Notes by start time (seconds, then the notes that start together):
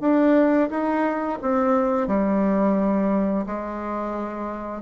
0.00 D4
0.70 D#4
1.41 C4
2.07 G3
3.46 G#3